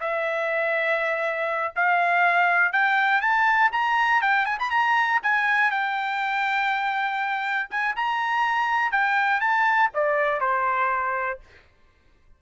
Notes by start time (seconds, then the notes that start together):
0.00 E5
1.76 F5
2.72 G5
3.21 A5
3.72 A#5
4.21 G5
4.46 G#5
4.59 B5
4.71 A#5
5.23 G#5
5.71 G5
7.70 G#5
7.96 A#5
8.91 G5
9.40 A5
9.94 D5
10.40 C5